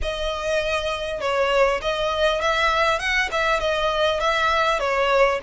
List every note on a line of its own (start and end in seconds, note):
0.02 1.20 D#5
1.20 1.80 C#5
1.81 2.41 D#5
2.41 2.99 E5
2.99 3.29 F#5
3.31 3.60 E5
3.60 4.19 D#5
4.19 4.79 E5
4.79 5.39 C#5